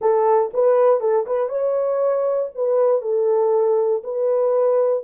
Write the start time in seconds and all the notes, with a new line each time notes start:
0.01 A4
0.53 B4
1.00 A4
1.26 B4
1.49 C#5
2.54 B4
3.01 A4
4.03 B4